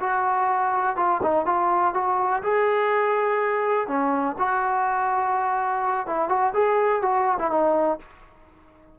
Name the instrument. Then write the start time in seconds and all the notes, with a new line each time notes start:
trombone
0.00 F#4
0.96 F4
1.22 D#4
1.45 F4
1.94 F#4
2.43 G#4
3.87 C#4
4.38 F#4
6.07 E4
6.28 F#4
6.53 G#4
7.02 F#4
7.39 E4
7.50 D#4